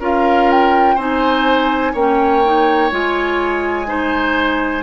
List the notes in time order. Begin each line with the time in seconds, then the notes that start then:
0.00 C#4 F4 A#4 F5
0.51 G5
0.95 C4 D#4 C5 G#5
1.94 A#3 C#4 C#5 G5
2.45 D#4
2.92 G#3 F4 G#5
3.87 D#4 C5